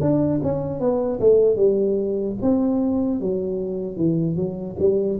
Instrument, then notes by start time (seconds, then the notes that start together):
tuba
0.00 D4
0.43 C#4
0.80 B3
1.20 A3
1.56 G3
2.41 C4
3.20 F#3
3.96 E3
4.36 F#3
4.79 G3